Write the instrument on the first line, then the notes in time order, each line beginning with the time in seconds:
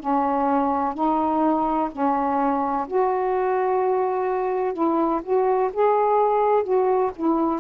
saxophone
0.00 C#4
0.94 D#4
1.92 C#4
2.88 F#4
4.74 E4
5.23 F#4
5.73 G#4
6.64 F#4
7.16 E4